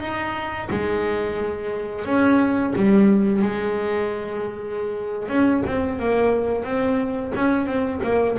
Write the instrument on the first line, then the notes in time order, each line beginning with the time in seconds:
double bass
0.00 D#4
0.70 G#3
2.05 C#4
2.76 G3
3.42 G#3
5.28 C#4
5.67 C4
5.99 A#3
6.64 C4
7.35 C#4
7.66 C4
8.03 A#3